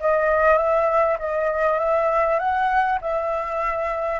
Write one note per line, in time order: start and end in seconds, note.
0.00 0.58 D#5
0.58 1.18 E5
1.19 1.79 D#5
1.79 2.39 E5
2.39 2.99 F#5
3.01 4.20 E5